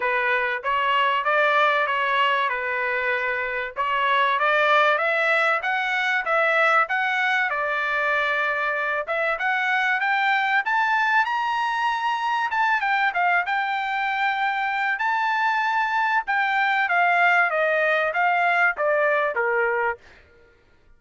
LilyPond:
\new Staff \with { instrumentName = "trumpet" } { \time 4/4 \tempo 4 = 96 b'4 cis''4 d''4 cis''4 | b'2 cis''4 d''4 | e''4 fis''4 e''4 fis''4 | d''2~ d''8 e''8 fis''4 |
g''4 a''4 ais''2 | a''8 g''8 f''8 g''2~ g''8 | a''2 g''4 f''4 | dis''4 f''4 d''4 ais'4 | }